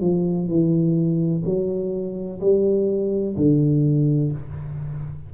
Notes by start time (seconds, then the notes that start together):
0.00 F3
0.48 E3
1.45 F#3
2.40 G3
3.36 D3